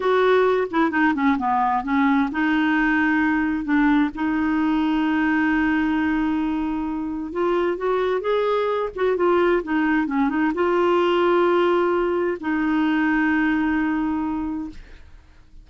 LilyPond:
\new Staff \with { instrumentName = "clarinet" } { \time 4/4 \tempo 4 = 131 fis'4. e'8 dis'8 cis'8 b4 | cis'4 dis'2. | d'4 dis'2.~ | dis'1 |
f'4 fis'4 gis'4. fis'8 | f'4 dis'4 cis'8 dis'8 f'4~ | f'2. dis'4~ | dis'1 | }